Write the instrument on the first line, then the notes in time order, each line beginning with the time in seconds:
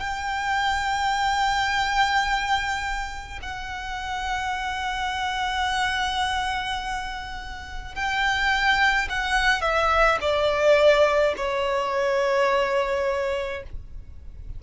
violin
0.00 G5
3.43 F#5
7.96 G5
9.10 F#5
9.62 E5
10.21 D5
11.37 C#5